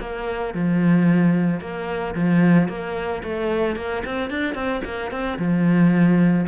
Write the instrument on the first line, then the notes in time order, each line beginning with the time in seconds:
cello
0.00 A#3
0.54 F3
1.60 A#3
2.14 F3
2.68 A#3
3.23 A3
3.76 A#3
4.05 C4
4.30 D4
4.54 C4
4.84 A#3
5.11 C4
5.38 F3